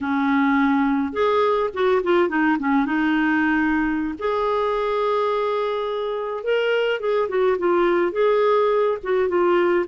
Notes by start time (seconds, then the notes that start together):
0.00 C#4
1.12 G#4
1.73 F#4
2.03 F4
2.28 D#4
2.59 C#4
2.85 D#4
4.18 G#4
6.43 A#4
6.99 G#4
7.28 F#4
7.58 F4
8.12 G#4
9.03 F#4
9.28 F4